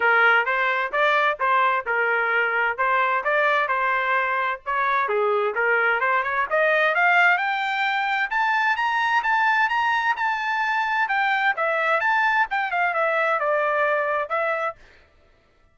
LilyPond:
\new Staff \with { instrumentName = "trumpet" } { \time 4/4 \tempo 4 = 130 ais'4 c''4 d''4 c''4 | ais'2 c''4 d''4 | c''2 cis''4 gis'4 | ais'4 c''8 cis''8 dis''4 f''4 |
g''2 a''4 ais''4 | a''4 ais''4 a''2 | g''4 e''4 a''4 g''8 f''8 | e''4 d''2 e''4 | }